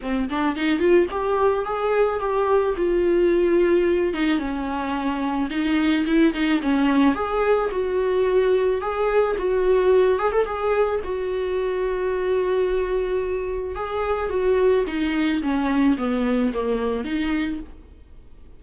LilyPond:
\new Staff \with { instrumentName = "viola" } { \time 4/4 \tempo 4 = 109 c'8 d'8 dis'8 f'8 g'4 gis'4 | g'4 f'2~ f'8 dis'8 | cis'2 dis'4 e'8 dis'8 | cis'4 gis'4 fis'2 |
gis'4 fis'4. gis'16 a'16 gis'4 | fis'1~ | fis'4 gis'4 fis'4 dis'4 | cis'4 b4 ais4 dis'4 | }